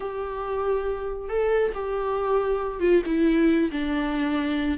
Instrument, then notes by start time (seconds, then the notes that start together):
viola
0.00 G4
1.28 A4
1.74 G4
2.80 F4
3.05 E4
3.71 D4